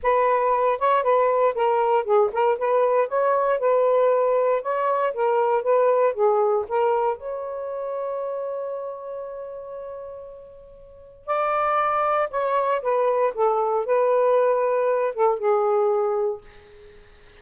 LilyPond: \new Staff \with { instrumentName = "saxophone" } { \time 4/4 \tempo 4 = 117 b'4. cis''8 b'4 ais'4 | gis'8 ais'8 b'4 cis''4 b'4~ | b'4 cis''4 ais'4 b'4 | gis'4 ais'4 cis''2~ |
cis''1~ | cis''2 d''2 | cis''4 b'4 a'4 b'4~ | b'4. a'8 gis'2 | }